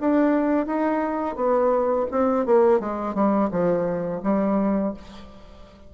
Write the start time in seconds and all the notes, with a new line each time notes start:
0.00 D4
0.66 D#4
1.35 B3
2.11 C4
2.45 A#3
2.79 G#3
3.14 G3
3.51 F3
4.23 G3